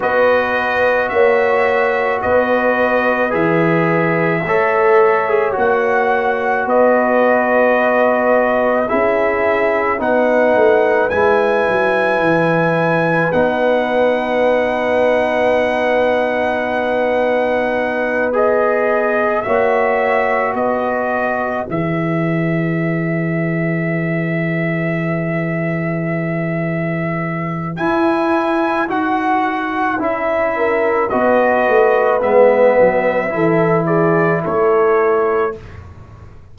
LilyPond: <<
  \new Staff \with { instrumentName = "trumpet" } { \time 4/4 \tempo 4 = 54 dis''4 e''4 dis''4 e''4~ | e''4 fis''4 dis''2 | e''4 fis''4 gis''2 | fis''1~ |
fis''8 dis''4 e''4 dis''4 e''8~ | e''1~ | e''4 gis''4 fis''4 e''4 | dis''4 e''4. d''8 cis''4 | }
  \new Staff \with { instrumentName = "horn" } { \time 4/4 b'4 cis''4 b'2 | cis''2 b'2 | gis'4 b'2.~ | b'1~ |
b'4. cis''4 b'4.~ | b'1~ | b'2.~ b'8 ais'8 | b'2 a'8 gis'8 a'4 | }
  \new Staff \with { instrumentName = "trombone" } { \time 4/4 fis'2. gis'4 | a'8. gis'16 fis'2. | e'4 dis'4 e'2 | dis'1~ |
dis'8 gis'4 fis'2 gis'8~ | gis'1~ | gis'4 e'4 fis'4 e'4 | fis'4 b4 e'2 | }
  \new Staff \with { instrumentName = "tuba" } { \time 4/4 b4 ais4 b4 e4 | a4 ais4 b2 | cis'4 b8 a8 gis8 fis8 e4 | b1~ |
b4. ais4 b4 e8~ | e1~ | e4 e'4 dis'4 cis'4 | b8 a8 gis8 fis8 e4 a4 | }
>>